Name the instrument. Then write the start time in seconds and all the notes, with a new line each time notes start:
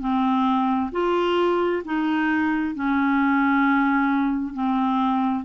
clarinet
0.00 C4
0.92 F4
1.85 D#4
2.75 C#4
4.54 C4